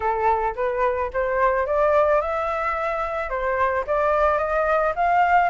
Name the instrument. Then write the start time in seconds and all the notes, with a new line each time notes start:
flute
0.00 A4
0.55 B4
1.13 C5
1.66 D5
2.21 E5
3.29 C5
3.87 D5
4.38 D#5
4.95 F5